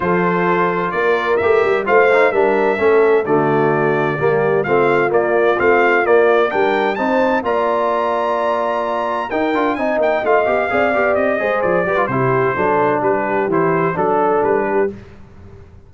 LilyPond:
<<
  \new Staff \with { instrumentName = "trumpet" } { \time 4/4 \tempo 4 = 129 c''2 d''4 e''4 | f''4 e''2 d''4~ | d''2 f''4 d''4 | f''4 d''4 g''4 a''4 |
ais''1 | g''4 gis''8 g''8 f''2 | dis''4 d''4 c''2 | b'4 c''4 a'4 b'4 | }
  \new Staff \with { instrumentName = "horn" } { \time 4/4 a'2 ais'2 | c''4 ais'4 a'4 fis'4~ | fis'4 g'4 f'2~ | f'2 ais'4 c''4 |
d''1 | ais'4 dis''2 d''4~ | d''8 c''4 b'8 g'4 a'4 | g'2 a'4. g'8 | }
  \new Staff \with { instrumentName = "trombone" } { \time 4/4 f'2. g'4 | f'8 dis'8 d'4 cis'4 a4~ | a4 ais4 c'4 ais4 | c'4 ais4 d'4 dis'4 |
f'1 | dis'8 f'8 dis'4 f'8 g'8 gis'8 g'8~ | g'8 gis'4 g'16 f'16 e'4 d'4~ | d'4 e'4 d'2 | }
  \new Staff \with { instrumentName = "tuba" } { \time 4/4 f2 ais4 a8 g8 | a4 g4 a4 d4~ | d4 g4 a4 ais4 | a4 ais4 g4 c'4 |
ais1 | dis'8 d'8 c'8 ais8 a8 b8 c'8 b8 | c'8 gis8 f8 g8 c4 fis4 | g4 e4 fis4 g4 | }
>>